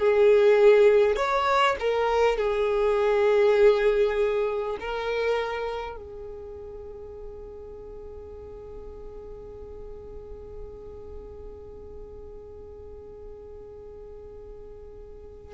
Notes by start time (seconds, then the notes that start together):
0.00 G#4
1.16 C#5
1.80 A#4
2.38 G#4
4.81 A#4
5.97 G#4